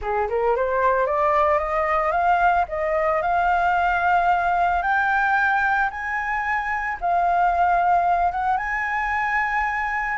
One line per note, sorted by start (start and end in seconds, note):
0.01 0.28 G#4
0.29 0.56 A#4
0.56 1.06 C5
1.06 1.58 D5
1.58 2.11 D#5
2.11 2.65 F5
2.68 3.21 D#5
3.22 4.82 F5
4.82 5.89 G5
5.90 6.97 G#5
7.00 8.31 F5
8.31 8.57 F#5
8.57 10.17 G#5